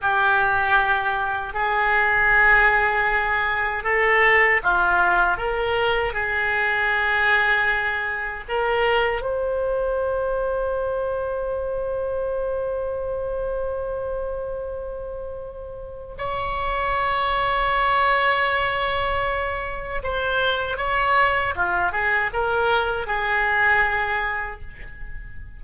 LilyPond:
\new Staff \with { instrumentName = "oboe" } { \time 4/4 \tempo 4 = 78 g'2 gis'2~ | gis'4 a'4 f'4 ais'4 | gis'2. ais'4 | c''1~ |
c''1~ | c''4 cis''2.~ | cis''2 c''4 cis''4 | f'8 gis'8 ais'4 gis'2 | }